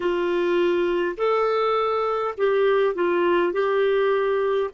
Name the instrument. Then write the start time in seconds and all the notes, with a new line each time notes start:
clarinet
0.00 F4
1.17 A4
2.37 G4
2.94 F4
3.52 G4